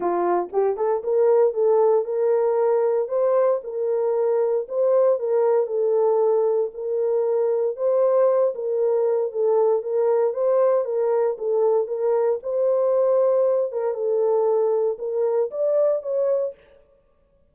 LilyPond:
\new Staff \with { instrumentName = "horn" } { \time 4/4 \tempo 4 = 116 f'4 g'8 a'8 ais'4 a'4 | ais'2 c''4 ais'4~ | ais'4 c''4 ais'4 a'4~ | a'4 ais'2 c''4~ |
c''8 ais'4. a'4 ais'4 | c''4 ais'4 a'4 ais'4 | c''2~ c''8 ais'8 a'4~ | a'4 ais'4 d''4 cis''4 | }